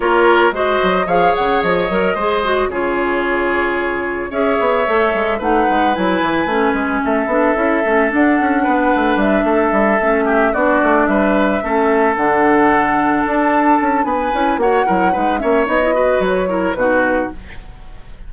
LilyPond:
<<
  \new Staff \with { instrumentName = "flute" } { \time 4/4 \tempo 4 = 111 cis''4 dis''4 f''8 fis''8 dis''4~ | dis''4 cis''2. | e''2 fis''4 gis''4~ | gis''4 e''2 fis''4~ |
fis''4 e''2~ e''8 d''8~ | d''8 e''2 fis''4.~ | fis''8 a''4. gis''4 fis''4~ | fis''8 e''8 dis''4 cis''4 b'4 | }
  \new Staff \with { instrumentName = "oboe" } { \time 4/4 ais'4 c''4 cis''2 | c''4 gis'2. | cis''2 b'2~ | b'4 a'2. |
b'4. a'4. g'8 fis'8~ | fis'8 b'4 a'2~ a'8~ | a'2 b'4 cis''8 ais'8 | b'8 cis''4 b'4 ais'8 fis'4 | }
  \new Staff \with { instrumentName = "clarinet" } { \time 4/4 f'4 fis'4 gis'4. ais'8 | gis'8 fis'8 f'2. | gis'4 a'4 dis'4 e'4 | cis'4. d'8 e'8 cis'8 d'4~ |
d'2~ d'8 cis'4 d'8~ | d'4. cis'4 d'4.~ | d'2~ d'8 e'8 fis'8 e'8 | dis'8 cis'8 dis'16 e'16 fis'4 e'8 dis'4 | }
  \new Staff \with { instrumentName = "bassoon" } { \time 4/4 ais4 gis8 fis8 f8 cis8 f8 fis8 | gis4 cis2. | cis'8 b8 a8 gis8 a8 gis8 fis8 e8 | a8 gis8 a8 b8 cis'8 a8 d'8 cis'8 |
b8 a8 g8 a8 g8 a4 b8 | a8 g4 a4 d4.~ | d8 d'4 cis'8 b8 cis'8 ais8 fis8 | gis8 ais8 b4 fis4 b,4 | }
>>